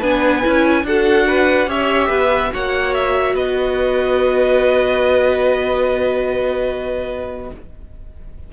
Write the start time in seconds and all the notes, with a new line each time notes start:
0.00 B3 D4 B4 G#5
0.43 C#4 E4
0.84 D4 F#4 A4 F#5
1.27 B4
1.67 C#4 G4 C#5 E5
2.09 B3 B4
2.51 A#3 F#4 C#5 F#5
2.95 E5
3.35 B3 B4 D#5